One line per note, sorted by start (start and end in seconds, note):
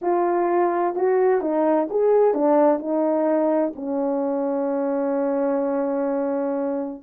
0.01 0.95 F4
0.95 1.41 F#4
1.41 1.87 D#4
1.90 2.34 G#4
2.34 2.79 D4
2.79 3.72 D#4
3.75 7.02 C#4